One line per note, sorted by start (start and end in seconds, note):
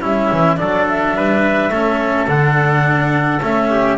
0.00 0.30 G3
0.00 0.56 C#4
0.00 0.58 E4
0.00 0.57 E5
0.31 0.59 E3
0.56 1.16 F#3
0.56 1.70 D4
0.56 1.16 A4
0.56 0.86 D5
0.89 2.28 E5
1.16 1.69 G3
1.16 1.71 B4
1.69 2.25 A3
1.69 2.27 C#4
1.69 3.69 A4
2.27 3.40 D3
2.27 3.40 D4
2.27 3.41 F#5
3.42 3.97 A3
3.42 3.97 C#4
3.42 3.97 E5
3.70 3.97 G4